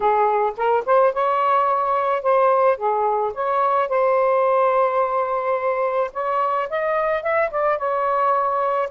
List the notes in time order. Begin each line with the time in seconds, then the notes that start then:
0.00 G#4
0.56 A#4
0.85 C5
1.13 C#5
2.22 C5
2.77 G#4
3.34 C#5
3.88 C5
6.13 C#5
6.69 D#5
7.22 E5
7.50 D5
7.78 C#5